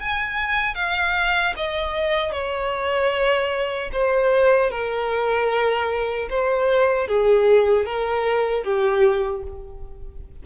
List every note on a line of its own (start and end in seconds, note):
0.00 0.75 G#5
0.75 1.54 F5
1.57 2.32 D#5
2.32 3.90 C#5
3.92 4.70 C5
4.70 6.28 A#4
6.30 7.08 C5
7.08 7.86 G#4
7.86 8.64 A#4
8.64 9.43 G4